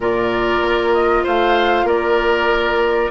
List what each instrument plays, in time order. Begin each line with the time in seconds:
0.00 bassoon A#2, clarinet F4, oboe A#4, flute D5
0.60 bassoon A#3
0.93 flute D#5
1.23 bassoon A3, oboe C5, flute F5
1.83 bassoon A#3, oboe A#4, flute D5